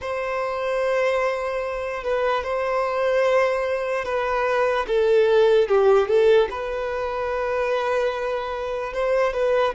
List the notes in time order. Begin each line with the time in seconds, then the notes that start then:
0.01 C5
2.03 B4
2.43 C5
4.04 B4
4.87 A4
5.68 G4
6.08 A4
6.50 B4
8.93 C5
9.33 B4